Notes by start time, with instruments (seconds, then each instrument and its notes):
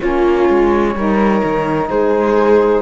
0.00 cello A#3, saxophone C#4, viola F4, flute C#5
0.49 cello G#3
0.95 cello G3, saxophone D#4, viola A#4
1.43 cello D#3
1.89 cello G#3, viola G#4, flute C5